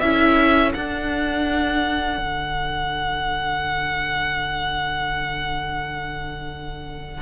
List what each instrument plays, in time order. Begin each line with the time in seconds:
0.00 cello C#4, viola E4, violin A4 E5
0.74 viola D4, cello D4, violin F#5
2.18 cello D3